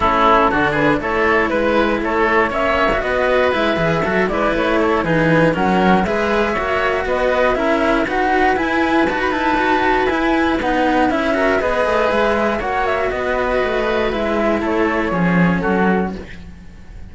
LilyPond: <<
  \new Staff \with { instrumentName = "flute" } { \time 4/4 \tempo 4 = 119 a'4. b'8 cis''4 b'4 | cis''4 e''4 dis''4 e''4~ | e''8 d''8 cis''4 b'4 fis''4 | e''2 dis''4 e''4 |
fis''4 gis''4 a''16 b''16 a''4. | gis''4 fis''4 e''4 dis''4 | e''4 fis''8 e''8 dis''2 | e''4 cis''2 a'4 | }
  \new Staff \with { instrumentName = "oboe" } { \time 4/4 e'4 fis'8 gis'8 a'4 b'4 | a'4 cis''4 b'2 | a'8 b'4 a'8 gis'4 ais'4 | b'4 cis''4 b'4 ais'4 |
b'1~ | b'2~ b'8 ais'8 b'4~ | b'4 cis''4 b'2~ | b'4 a'4 gis'4 fis'4 | }
  \new Staff \with { instrumentName = "cello" } { \time 4/4 cis'4 d'4 e'2~ | e'4 cis'8. fis'4~ fis'16 e'8 gis'8 | fis'8 e'4. dis'4 cis'4 | gis'4 fis'2 e'4 |
fis'4 e'4 fis'8 e'8 fis'4 | e'4 dis'4 e'8 fis'8 gis'4~ | gis'4 fis'2. | e'2 cis'2 | }
  \new Staff \with { instrumentName = "cello" } { \time 4/4 a4 d4 a4 gis4 | a4 ais4 b4 gis8 e8 | fis8 gis8 a4 e4 fis4 | gis4 ais4 b4 cis'4 |
dis'4 e'4 dis'2 | e'4 b4 cis'4 b8 a8 | gis4 ais4 b4 a4 | gis4 a4 f4 fis4 | }
>>